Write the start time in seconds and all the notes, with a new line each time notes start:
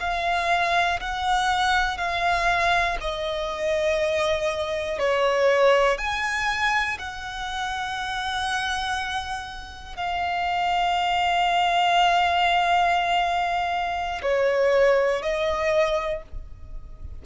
0.00 F5
1.00 F#5
1.98 F5
3.01 D#5
4.99 C#5
5.98 G#5
6.99 F#5
9.96 F5
14.23 C#5
15.23 D#5